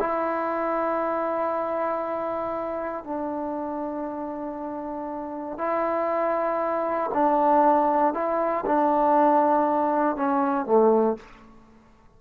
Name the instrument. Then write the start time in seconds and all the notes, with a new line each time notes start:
trombone
0.00 E4
3.05 D4
5.58 E4
7.14 D4
8.14 E4
8.66 D4
10.16 C#4
10.66 A3